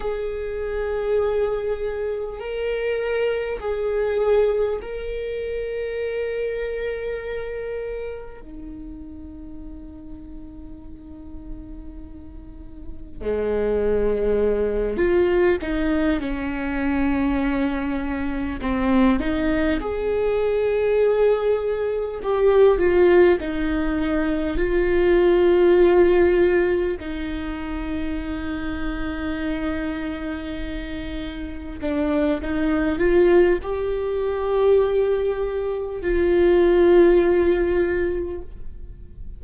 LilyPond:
\new Staff \with { instrumentName = "viola" } { \time 4/4 \tempo 4 = 50 gis'2 ais'4 gis'4 | ais'2. dis'4~ | dis'2. gis4~ | gis8 f'8 dis'8 cis'2 c'8 |
dis'8 gis'2 g'8 f'8 dis'8~ | dis'8 f'2 dis'4.~ | dis'2~ dis'8 d'8 dis'8 f'8 | g'2 f'2 | }